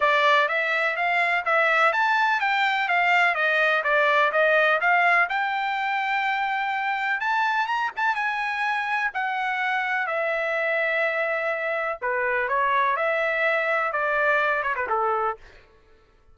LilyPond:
\new Staff \with { instrumentName = "trumpet" } { \time 4/4 \tempo 4 = 125 d''4 e''4 f''4 e''4 | a''4 g''4 f''4 dis''4 | d''4 dis''4 f''4 g''4~ | g''2. a''4 |
ais''8 a''8 gis''2 fis''4~ | fis''4 e''2.~ | e''4 b'4 cis''4 e''4~ | e''4 d''4. cis''16 b'16 a'4 | }